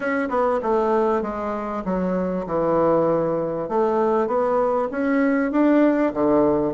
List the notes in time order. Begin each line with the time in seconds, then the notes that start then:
0.00 C#4
0.29 B3
0.62 A3
1.22 G#3
1.84 F#3
2.46 E3
3.68 A3
4.27 B3
4.91 C#4
5.51 D4
6.13 D3